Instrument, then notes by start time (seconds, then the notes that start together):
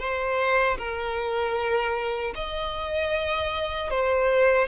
violin
0.00 C5
0.78 A#4
2.36 D#5
3.91 C5